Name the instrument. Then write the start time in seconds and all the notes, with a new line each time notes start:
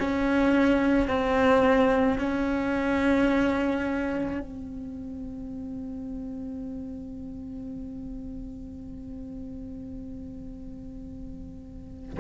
cello
0.00 C#4
1.08 C4
2.19 C#4
4.40 C4